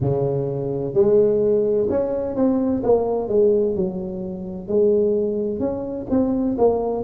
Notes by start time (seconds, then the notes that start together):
0.00 C#3
0.94 G#3
1.89 C#4
2.35 C4
2.83 A#3
3.28 G#3
3.75 F#3
4.67 G#3
5.59 C#4
6.10 C4
6.58 A#3